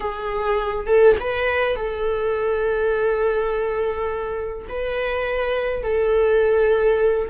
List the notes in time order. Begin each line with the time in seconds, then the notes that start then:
0.00 G#4
0.86 A4
1.19 B4
1.76 A4
4.68 B4
5.83 A4